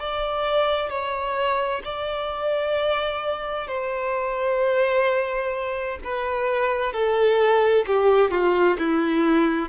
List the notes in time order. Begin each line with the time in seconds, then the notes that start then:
0.00 D5
0.90 C#5
1.85 D5
3.68 C5
6.05 B4
6.94 A4
7.87 G4
8.32 F4
8.79 E4